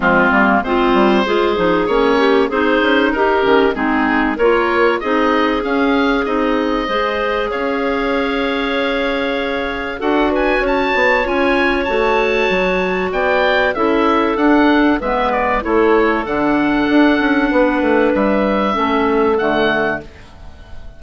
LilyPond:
<<
  \new Staff \with { instrumentName = "oboe" } { \time 4/4 \tempo 4 = 96 f'4 c''2 cis''4 | c''4 ais'4 gis'4 cis''4 | dis''4 f''4 dis''2 | f''1 |
fis''8 gis''8 a''4 gis''4 a''4~ | a''4 g''4 e''4 fis''4 | e''8 d''8 cis''4 fis''2~ | fis''4 e''2 fis''4 | }
  \new Staff \with { instrumentName = "clarinet" } { \time 4/4 c'4 f'4 gis'4. g'8 | gis'4 g'4 dis'4 ais'4 | gis'2. c''4 | cis''1 |
a'8 b'8 cis''2.~ | cis''4 d''4 a'2 | b'4 a'2. | b'2 a'2 | }
  \new Staff \with { instrumentName = "clarinet" } { \time 4/4 gis8 ais8 c'4 f'8 dis'8 cis'4 | dis'4. cis'8 c'4 f'4 | dis'4 cis'4 dis'4 gis'4~ | gis'1 |
fis'2 f'4 fis'4~ | fis'2 e'4 d'4 | b4 e'4 d'2~ | d'2 cis'4 a4 | }
  \new Staff \with { instrumentName = "bassoon" } { \time 4/4 f8 g8 gis8 g8 gis8 f8 ais4 | c'8 cis'8 dis'8 dis8 gis4 ais4 | c'4 cis'4 c'4 gis4 | cis'1 |
d'4 cis'8 b8 cis'4 a4 | fis4 b4 cis'4 d'4 | gis4 a4 d4 d'8 cis'8 | b8 a8 g4 a4 d4 | }
>>